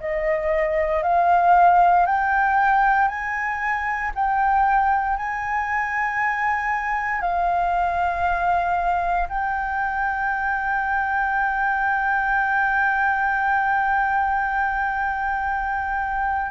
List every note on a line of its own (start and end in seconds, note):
0.00 1.03 D#5
1.03 2.06 F5
2.06 3.08 G5
3.08 4.11 G#5
4.15 5.17 G5
5.17 7.21 G#5
7.21 9.28 F5
9.29 16.51 G5